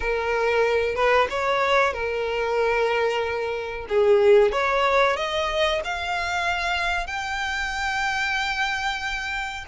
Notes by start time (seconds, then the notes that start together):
0.00 A#4
0.95 B4
1.30 C#5
1.93 A#4
3.88 G#4
4.52 C#5
5.16 D#5
5.84 F5
7.06 G5